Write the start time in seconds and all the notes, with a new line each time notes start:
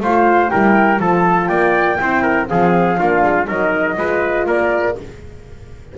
0.00 A3 F4 C5 F5
0.49 G3 E4 A#4 G5
0.98 F3 F4 A4 A5
1.47 A#3 D5 G5
2.00 C4 E4 C5
2.23 A#4
2.47 F3 C4 G#4 F5
2.98 A#3 D4 F4
3.23 G#3
3.47 F#3 D#4 A#4 D#5
3.97 G#3 F4 B4
4.46 A#3 A#4 D5